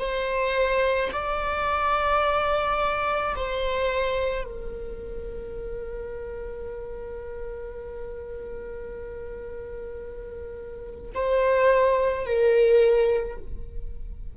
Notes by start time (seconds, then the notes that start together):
0.00 C5
1.13 D5
3.36 C5
4.44 A#4
11.15 C5
12.26 A#4